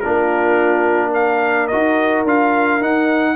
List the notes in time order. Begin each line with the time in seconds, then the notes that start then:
0.00 A#3 D4 F4 A#4
1.10 A#4 F5
1.67 D#4 F#4 D#5
2.24 D4 F4 F5
2.80 D#4 F#5